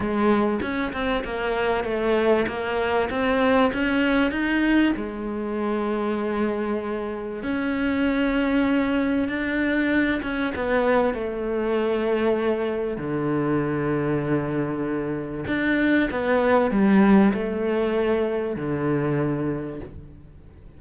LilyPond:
\new Staff \with { instrumentName = "cello" } { \time 4/4 \tempo 4 = 97 gis4 cis'8 c'8 ais4 a4 | ais4 c'4 cis'4 dis'4 | gis1 | cis'2. d'4~ |
d'8 cis'8 b4 a2~ | a4 d2.~ | d4 d'4 b4 g4 | a2 d2 | }